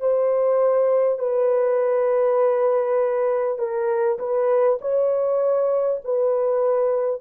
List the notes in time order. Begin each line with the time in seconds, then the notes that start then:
0.00 C5
1.19 B4
3.58 A#4
4.19 B4
4.82 C#5
6.04 B4